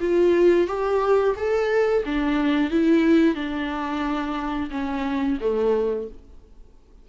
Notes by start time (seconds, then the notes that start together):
0.00 F4
0.67 G4
1.36 A4
2.05 D4
2.71 E4
3.35 D4
4.71 C#4
5.41 A3